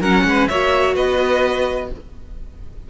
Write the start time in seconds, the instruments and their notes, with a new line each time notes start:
0.00 cello F#3, viola C#4, violin A#4 F#5
0.24 cello G#3, violin B4
0.47 cello A#3, viola F#4, violin C#5 E5
0.95 cello B3, violin B4 D#5